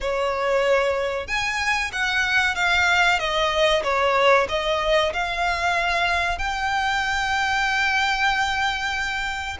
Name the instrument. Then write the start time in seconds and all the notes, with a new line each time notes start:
violin
0.01 C#5
1.27 G#5
1.92 F#5
2.55 F5
3.19 D#5
3.83 C#5
4.49 D#5
5.13 F5
6.38 G5